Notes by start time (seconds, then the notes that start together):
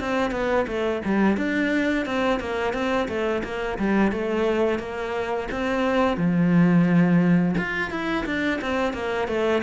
0.00 C4
0.31 B3
0.67 A3
1.05 G3
1.37 D4
2.06 C4
2.40 A#3
2.73 C4
3.08 A3
3.44 A#3
3.79 G3
4.12 A3
4.79 A#3
5.52 C4
6.17 F3
7.58 F4
7.91 E4
8.26 D4
8.61 C4
8.94 A#3
9.28 A3